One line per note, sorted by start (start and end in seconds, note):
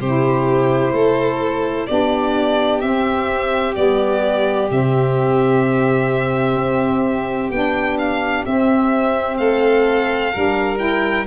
0.00 0.93 C3
0.00 1.88 E4
0.00 0.94 G4
0.00 1.87 C5
0.93 1.87 A3
0.93 1.88 A4
1.87 2.82 B3
1.87 2.82 D4
1.87 9.40 G4
1.87 2.81 D5
2.81 3.75 C4
2.81 3.76 C4
2.81 3.75 E5
3.75 4.71 G3
3.75 4.69 B3
3.75 4.69 D5
4.71 6.56 C3
4.71 7.52 C4
4.71 7.51 E5
6.56 7.50 C4
7.50 8.44 B3
7.50 8.46 D4
7.50 7.98 G5
7.98 8.45 F5
8.46 10.34 C4
8.46 9.39 C4
8.46 9.38 E5
9.38 10.33 A3
9.38 10.33 A4
9.38 10.78 F5
10.33 11.27 G3
10.33 10.78 D4
10.33 11.27 A#4
10.78 11.24 E4
10.78 11.26 G5